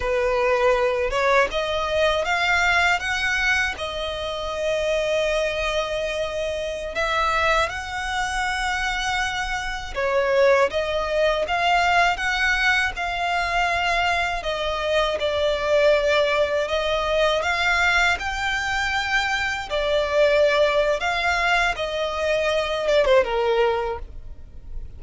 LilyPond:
\new Staff \with { instrumentName = "violin" } { \time 4/4 \tempo 4 = 80 b'4. cis''8 dis''4 f''4 | fis''4 dis''2.~ | dis''4~ dis''16 e''4 fis''4.~ fis''16~ | fis''4~ fis''16 cis''4 dis''4 f''8.~ |
f''16 fis''4 f''2 dis''8.~ | dis''16 d''2 dis''4 f''8.~ | f''16 g''2 d''4.~ d''16 | f''4 dis''4. d''16 c''16 ais'4 | }